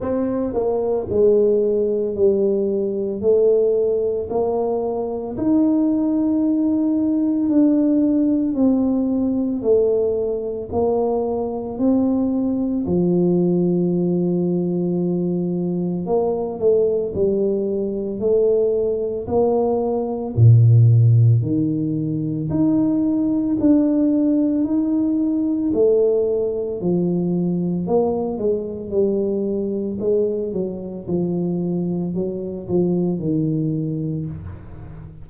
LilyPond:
\new Staff \with { instrumentName = "tuba" } { \time 4/4 \tempo 4 = 56 c'8 ais8 gis4 g4 a4 | ais4 dis'2 d'4 | c'4 a4 ais4 c'4 | f2. ais8 a8 |
g4 a4 ais4 ais,4 | dis4 dis'4 d'4 dis'4 | a4 f4 ais8 gis8 g4 | gis8 fis8 f4 fis8 f8 dis4 | }